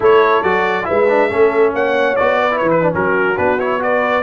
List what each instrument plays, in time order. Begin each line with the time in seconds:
0.00 tuba A3, trombone E4, horn A4, trumpet C#5
0.42 tuba F#3, trombone F#4, trumpet D5
0.83 trombone E4, horn B4, trumpet E5
0.90 tuba G#3
1.08 trombone D4
1.29 tuba A3, trombone C#4, horn A4
1.73 tuba A#3, horn C#5, trumpet F#5
2.16 tuba B3, trombone F#4, trumpet D5
2.39 horn B4
2.51 trombone E4
2.58 tuba E3, trumpet C#5
2.70 trumpet B4
2.82 trombone D4
2.92 tuba F#3, trombone C#4, horn F#4, trumpet A#4
3.36 tuba B3, trombone D4, trumpet B4
3.59 trombone E4, trumpet C#5
3.79 trombone F#4, horn B4, trumpet D5